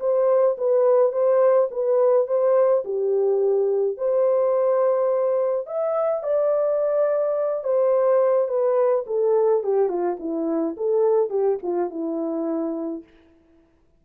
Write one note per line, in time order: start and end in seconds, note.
0.00 0.57 C5
0.58 1.13 B4
1.13 1.69 C5
1.72 2.27 B4
2.27 2.84 C5
2.85 3.98 G4
3.98 5.67 C5
5.67 6.24 E5
6.24 7.64 D5
7.64 8.49 C5
8.49 9.05 B4
9.07 9.64 A4
9.64 9.89 G4
9.89 10.18 F4
10.20 10.76 E4
10.78 11.31 A4
11.31 11.59 G4
11.63 11.91 F4
11.91 13.04 E4